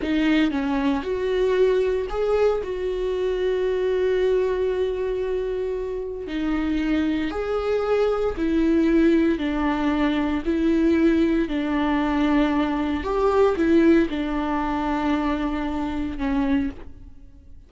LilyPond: \new Staff \with { instrumentName = "viola" } { \time 4/4 \tempo 4 = 115 dis'4 cis'4 fis'2 | gis'4 fis'2.~ | fis'1 | dis'2 gis'2 |
e'2 d'2 | e'2 d'2~ | d'4 g'4 e'4 d'4~ | d'2. cis'4 | }